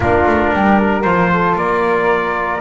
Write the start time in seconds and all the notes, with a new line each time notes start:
0.00 A#3 D4 F4 A#4
0.26 A3
0.53 G3 G4
0.78 A#4
1.02 F3 F4 C5
1.33 A4
1.55 A#3 A#4 D5